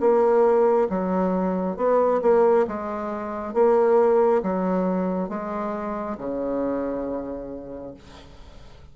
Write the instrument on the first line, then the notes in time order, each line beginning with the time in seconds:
bassoon
0.00 A#3
0.89 F#3
1.77 B3
2.22 A#3
2.68 G#3
3.54 A#3
4.43 F#3
5.29 G#3
6.18 C#3